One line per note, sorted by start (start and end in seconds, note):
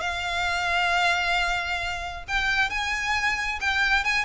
0.00 2.24 F5
2.28 2.70 G5
2.70 3.59 G#5
3.60 4.04 G5
4.04 4.24 G#5